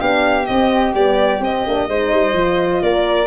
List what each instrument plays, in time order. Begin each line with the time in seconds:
0.00 tuba B3, horn D4, flute G4, violin F5
0.46 tuba C4, horn C4, violin D#5
0.95 tuba G3, horn B3, violin D5
1.40 tuba C4, horn C4, violin D#5
1.66 tuba A#3, horn D4
1.89 tuba G#3, horn D#4, flute C5
2.12 tuba G3
2.33 tuba F3, horn F4
2.83 tuba A#3, flute A#4, violin D5